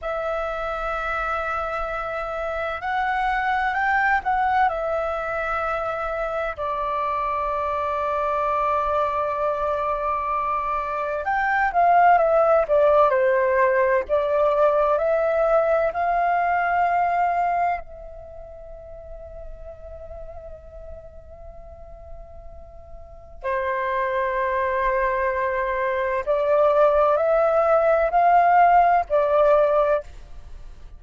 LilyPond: \new Staff \with { instrumentName = "flute" } { \time 4/4 \tempo 4 = 64 e''2. fis''4 | g''8 fis''8 e''2 d''4~ | d''1 | g''8 f''8 e''8 d''8 c''4 d''4 |
e''4 f''2 e''4~ | e''1~ | e''4 c''2. | d''4 e''4 f''4 d''4 | }